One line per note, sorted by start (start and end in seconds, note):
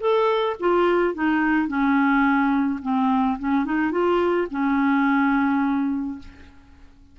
0.00 0.56 A4
0.60 1.14 F4
1.14 1.67 D#4
1.67 2.80 C#4
2.82 3.38 C4
3.39 3.65 C#4
3.65 3.91 D#4
3.91 4.47 F4
4.51 6.19 C#4